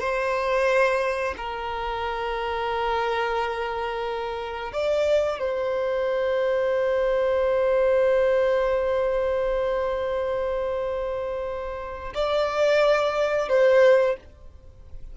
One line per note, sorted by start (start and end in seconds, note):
0.00 1.35 C5
1.38 4.73 A#4
4.73 5.39 D5
5.39 12.13 C5
12.15 13.49 D5
13.49 14.17 C5